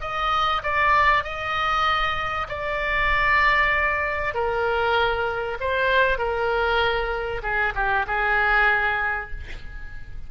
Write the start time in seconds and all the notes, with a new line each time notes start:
0.00 D#5
0.62 D5
1.23 D#5
2.48 D5
4.34 A#4
5.60 C5
6.18 A#4
7.42 G#4
7.75 G4
8.07 G#4